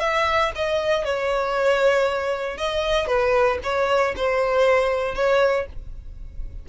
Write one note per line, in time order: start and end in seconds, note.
0.00 0.51 E5
0.55 1.05 D#5
1.05 2.57 C#5
2.57 3.07 D#5
3.07 3.58 B4
3.63 4.15 C#5
4.16 5.15 C5
5.15 5.66 C#5